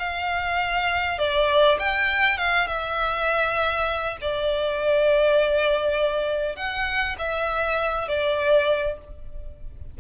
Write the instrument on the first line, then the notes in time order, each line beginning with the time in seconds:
violin
0.00 F5
1.19 D5
1.80 G5
2.38 F5
2.68 E5
4.22 D5
6.56 F#5
7.19 E5
8.09 D5